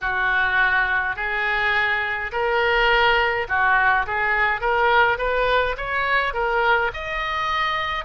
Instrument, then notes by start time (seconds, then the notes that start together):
oboe
0.01 F#4
1.15 G#4
2.31 A#4
3.48 F#4
4.06 G#4
4.60 A#4
5.18 B4
5.77 C#5
6.33 A#4
6.93 D#5